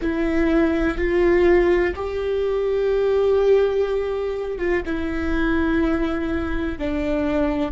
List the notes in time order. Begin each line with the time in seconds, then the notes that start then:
0.01 E4
0.97 F4
1.95 G4
4.58 F4
4.85 E4
6.78 D4